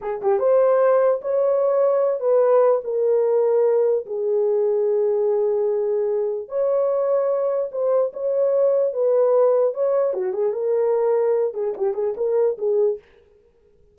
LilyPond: \new Staff \with { instrumentName = "horn" } { \time 4/4 \tempo 4 = 148 gis'8 g'8 c''2 cis''4~ | cis''4. b'4. ais'4~ | ais'2 gis'2~ | gis'1 |
cis''2. c''4 | cis''2 b'2 | cis''4 fis'8 gis'8 ais'2~ | ais'8 gis'8 g'8 gis'8 ais'4 gis'4 | }